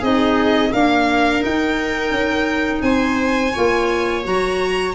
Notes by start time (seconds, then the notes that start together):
0.00 C4 D#4 G#4 D#5
0.71 A#3 D4 A#4 F5
1.38 D#4
1.45 D#4 G5
2.10 C#4
2.82 C4 C5 G#5
3.53 A#3 F4 C#5
4.23 F#3 F#4 A#5